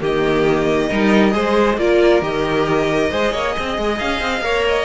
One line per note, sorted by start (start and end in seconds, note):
0.00 0.90 D#3
0.00 0.89 A#3
0.00 0.89 G4
0.00 1.79 D#5
0.89 1.34 G3
0.89 1.31 D#4
0.89 1.34 A#4
1.31 1.77 G#3
1.31 1.75 G#4
1.31 1.80 C5
1.77 2.21 A#3
1.77 2.22 F4
1.77 3.11 A#4
1.77 2.23 D5
2.21 3.10 D#3
2.21 3.11 G4
2.21 3.98 D#5
3.11 3.33 G#3
3.11 4.43 G#4
3.11 3.32 C5
3.32 3.55 A#3
3.32 3.55 C#5
3.56 3.78 C4
3.56 4.44 D#5
3.78 4.00 G#3
3.98 4.20 C#4
3.98 4.65 F5
4.20 4.41 C4
4.41 4.85 A#3
4.41 4.85 A#4
4.41 4.85 C#5
4.68 4.85 D#5